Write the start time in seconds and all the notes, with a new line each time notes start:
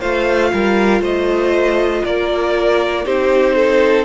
0.00 A3 F4 C5 F5
0.53 G3 A#4
1.01 A3 C5 D#5
2.05 A#3 A#4 D5
3.05 C4 D#4 G4 C5
3.55 A4